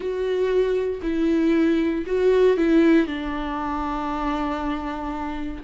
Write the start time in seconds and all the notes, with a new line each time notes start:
0.00 F#4
1.02 E4
2.06 F#4
2.57 E4
3.07 D4